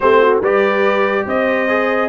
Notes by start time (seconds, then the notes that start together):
0.00 A3 C4 G4 C5
0.21 F#4
0.39 G3 G4 B4 D5
1.25 C4 C5 D#5
1.68 G#4